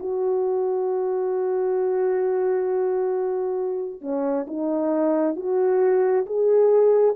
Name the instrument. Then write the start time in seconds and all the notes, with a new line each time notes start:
horn
0.00 F#4
4.02 C#4
4.48 D#4
5.36 F#4
6.26 G#4